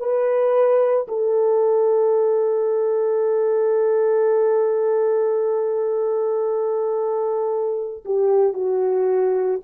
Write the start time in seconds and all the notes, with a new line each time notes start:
0.00 B4
1.08 A4
8.06 G4
8.54 F#4